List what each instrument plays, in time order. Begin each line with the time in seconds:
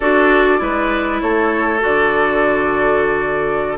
0.00 bassoon D4, clarinet F#4, oboe A4, flute D5
0.58 bassoon G#3, clarinet E4, oboe B4
1.20 bassoon A3, oboe A4, flute C#5
1.80 bassoon D3, clarinet F#4, flute D5